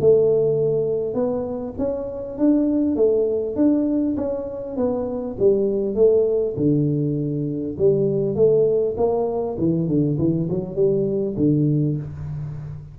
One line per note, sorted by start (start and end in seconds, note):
0.00 1.14 A3
1.14 1.74 B3
1.78 2.38 C#4
2.38 2.96 D4
2.96 3.56 A3
3.56 4.16 D4
4.16 4.76 C#4
4.76 5.36 B3
5.39 5.95 G3
5.95 6.55 A3
6.56 7.76 D3
7.78 8.35 G3
8.35 8.95 A3
8.97 9.57 A#3
9.58 9.88 E3
9.88 10.18 D3
10.19 10.49 E3
10.50 10.75 F#3
10.75 11.35 G3
11.36 11.96 D3